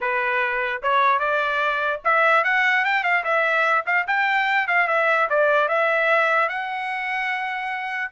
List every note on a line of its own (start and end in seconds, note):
0.01 0.82 B4
0.82 1.19 C#5
1.19 2.00 D5
2.04 2.44 E5
2.44 2.84 F#5
2.85 3.03 G5
3.03 3.23 F5
3.23 3.84 E5
3.86 4.06 F5
4.07 4.67 G5
4.67 4.87 F5
4.87 5.28 E5
5.29 5.68 D5
5.68 6.48 E5
6.48 8.11 F#5